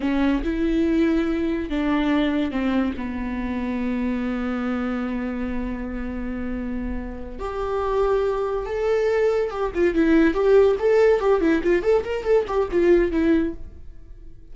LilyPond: \new Staff \with { instrumentName = "viola" } { \time 4/4 \tempo 4 = 142 cis'4 e'2. | d'2 c'4 b4~ | b1~ | b1~ |
b4. g'2~ g'8~ | g'8 a'2 g'8 f'8 e'8~ | e'8 g'4 a'4 g'8 e'8 f'8 | a'8 ais'8 a'8 g'8 f'4 e'4 | }